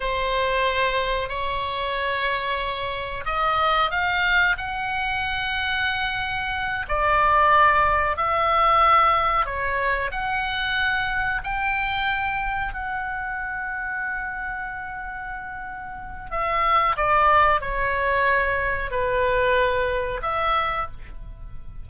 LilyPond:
\new Staff \with { instrumentName = "oboe" } { \time 4/4 \tempo 4 = 92 c''2 cis''2~ | cis''4 dis''4 f''4 fis''4~ | fis''2~ fis''8 d''4.~ | d''8 e''2 cis''4 fis''8~ |
fis''4. g''2 fis''8~ | fis''1~ | fis''4 e''4 d''4 cis''4~ | cis''4 b'2 e''4 | }